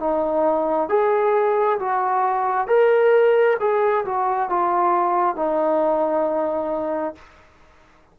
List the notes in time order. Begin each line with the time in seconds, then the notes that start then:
0.00 D#4
0.89 G#4
1.80 F#4
2.67 A#4
3.60 G#4
4.05 F#4
4.49 F4
5.36 D#4